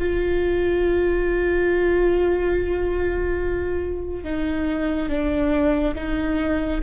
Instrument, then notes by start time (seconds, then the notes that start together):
viola
0.00 F4
4.24 D#4
5.10 D4
5.96 D#4